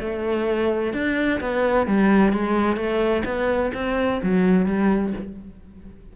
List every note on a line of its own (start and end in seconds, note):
0.00 0.93 A3
0.93 1.40 D4
1.40 1.87 B3
1.87 2.33 G3
2.33 2.76 G#3
2.76 3.23 A3
3.25 3.72 B3
3.74 4.21 C4
4.23 4.66 F#3
4.66 5.13 G3